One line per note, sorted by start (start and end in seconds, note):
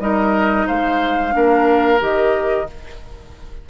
0.00 0.67 G3
0.00 1.32 D#4
0.00 0.67 A#4
0.00 0.67 D#5
0.67 1.35 G#3
0.67 1.34 C5
0.67 2.01 F5
1.32 2.02 A#3
1.32 1.98 D4
1.32 2.69 A#4
2.00 2.68 D#3
2.00 2.67 G4
2.00 2.70 D#5